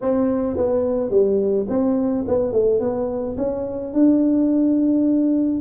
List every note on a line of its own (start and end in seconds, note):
0.01 0.57 C4
0.57 1.10 B3
1.10 1.66 G3
1.68 2.25 C4
2.27 2.52 B3
2.52 2.80 A3
2.80 3.36 B3
3.37 3.93 C#4
3.93 5.61 D4